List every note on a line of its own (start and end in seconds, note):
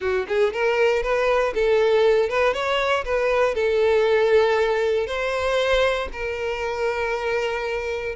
0.00 0.26 F#4
0.28 0.53 G#4
0.53 1.03 A#4
1.03 1.53 B4
1.54 2.29 A4
2.29 2.53 B4
2.53 3.04 C#5
3.04 3.54 B4
3.54 5.06 A4
5.06 6.08 C5
6.12 8.15 A#4